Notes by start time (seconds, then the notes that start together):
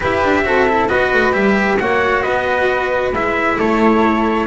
0.00 E4 G4 B4 E5
0.24 D4
0.44 C4 F#4 A4
0.68 E4
0.88 B3 F#4 B4 D#5
1.13 A3
1.32 G3 G4 E5
1.79 A#3 F#4 C#5 F#5
2.22 B3 B4 D#5
3.12 G#3 E4 E5
3.57 A3 A4 C#5